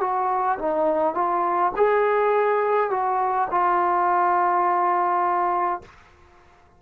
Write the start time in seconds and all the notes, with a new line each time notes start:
0.00 F#4
0.59 D#4
1.14 F4
1.76 G#4
2.90 F#4
3.51 F4